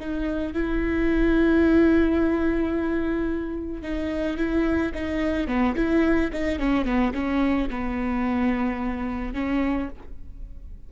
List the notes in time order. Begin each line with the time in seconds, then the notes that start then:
0.00 D#4
0.54 E4
3.83 D#4
4.37 E4
4.94 D#4
5.47 B3
5.76 E4
6.33 D#4
6.59 C#4
6.85 B3
7.14 C#4
7.70 B3
9.34 C#4